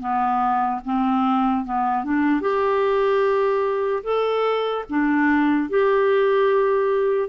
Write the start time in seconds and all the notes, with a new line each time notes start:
0.00 B3
0.85 C4
1.65 B3
2.05 D4
2.41 G4
4.04 A4
4.90 D4
5.70 G4